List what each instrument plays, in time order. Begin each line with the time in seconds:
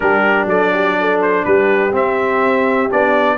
0.00 tuba G3, trombone D4, horn G4, trumpet A#4
0.46 tuba F#3, horn A4, trumpet D5
0.73 horn G4
1.00 horn A4
1.21 trumpet C5
1.44 tuba G3, horn G4, trumpet B4
1.92 trombone C4, tuba C4, trumpet E5
2.90 tuba B3, trombone D4, trumpet D5